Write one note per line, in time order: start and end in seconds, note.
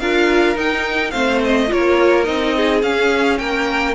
0.00 0.56 D4
0.00 0.55 F4
0.00 1.12 A#4
0.00 0.57 F5
0.55 1.12 D#4
0.55 1.11 G5
1.11 1.71 A3
1.11 1.67 C4
1.11 1.69 C5
1.11 1.39 F5
1.45 1.72 D#5
1.67 2.28 A#3
1.67 2.24 F4
1.67 2.56 A#4
1.67 2.24 C#5
2.24 2.83 C4
2.24 2.81 D#4
2.24 2.81 D#5
2.56 3.40 G#4
2.82 3.39 C#4
2.82 3.95 C#4
2.82 3.38 F5
3.38 3.95 A#3
3.38 3.95 A#4
3.38 3.95 G5